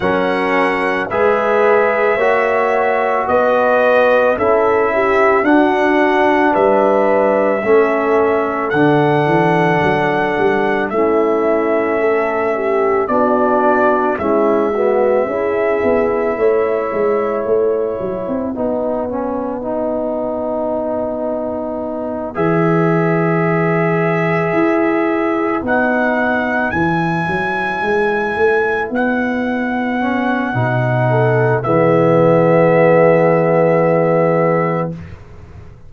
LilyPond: <<
  \new Staff \with { instrumentName = "trumpet" } { \time 4/4 \tempo 4 = 55 fis''4 e''2 dis''4 | e''4 fis''4 e''2 | fis''2 e''2 | d''4 e''2. |
fis''1~ | fis''8 e''2. fis''8~ | fis''8 gis''2 fis''4.~ | fis''4 e''2. | }
  \new Staff \with { instrumentName = "horn" } { \time 4/4 ais'4 b'4 cis''4 b'4 | a'8 g'8 fis'4 b'4 a'4~ | a'2 e'4 a'8 g'8 | fis'4 e'8 fis'8 gis'4 cis''4~ |
cis''4 b'2.~ | b'1~ | b'1~ | b'8 a'8 gis'2. | }
  \new Staff \with { instrumentName = "trombone" } { \time 4/4 cis'4 gis'4 fis'2 | e'4 d'2 cis'4 | d'2 cis'2 | d'4 cis'8 b8 e'2~ |
e'4 dis'8 cis'8 dis'2~ | dis'8 gis'2. dis'8~ | dis'8 e'2. cis'8 | dis'4 b2. | }
  \new Staff \with { instrumentName = "tuba" } { \time 4/4 fis4 gis4 ais4 b4 | cis'4 d'4 g4 a4 | d8 e8 fis8 g8 a2 | b4 gis4 cis'8 b8 a8 gis8 |
a8 fis16 c'16 b2.~ | b8 e2 e'4 b8~ | b8 e8 fis8 gis8 a8 b4. | b,4 e2. | }
>>